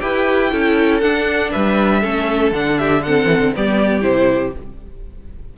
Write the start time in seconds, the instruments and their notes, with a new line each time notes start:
0.00 cello E4, viola G4, violin B4 G5
0.51 cello C#4, viola E4, violin A4
1.00 cello D4, viola D4, violin F#5
1.51 cello G3, violin B4 E5
2.01 cello A3, viola C#4, violin A4
2.51 cello D3, viola D4, violin F#5
2.78 violin G4 E5
3.03 viola C4, violin A4 F#5
3.26 cello E3
3.39 cello D3
3.55 cello G3, viola B3, violin G4 D5
4.01 cello C3, viola E4, violin C5